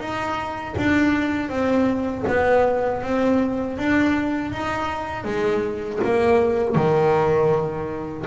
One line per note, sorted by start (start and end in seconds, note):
0.00 0.75 D#4
0.77 1.50 D4
1.50 2.25 C4
2.28 3.03 B3
3.03 3.78 C4
3.78 4.52 D4
4.52 5.25 D#4
5.25 6.00 G#3
6.04 6.76 A#3
6.76 8.26 D#3